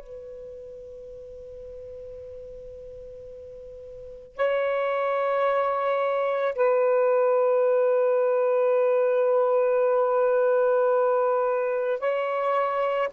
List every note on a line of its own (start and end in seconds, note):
0.00 4.36 B4
4.36 6.55 C#5
6.55 12.00 B4
12.00 13.09 C#5